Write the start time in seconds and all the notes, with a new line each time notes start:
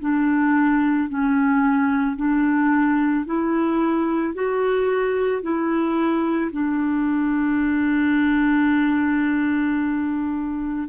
0.00 D4
1.09 C#4
2.16 D4
3.25 E4
4.34 F#4
5.42 E4
6.52 D4